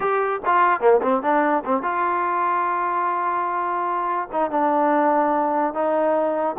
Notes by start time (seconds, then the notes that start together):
0.00 G4
0.45 F4
0.80 A#3
1.02 C4
1.22 D4
1.65 C4
1.82 F4
4.32 D#4
4.50 D4
5.73 D#4